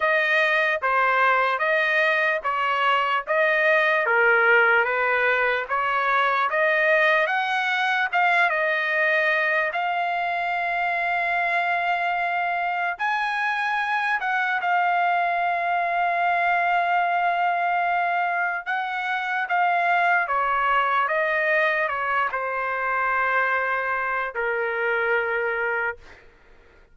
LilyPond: \new Staff \with { instrumentName = "trumpet" } { \time 4/4 \tempo 4 = 74 dis''4 c''4 dis''4 cis''4 | dis''4 ais'4 b'4 cis''4 | dis''4 fis''4 f''8 dis''4. | f''1 |
gis''4. fis''8 f''2~ | f''2. fis''4 | f''4 cis''4 dis''4 cis''8 c''8~ | c''2 ais'2 | }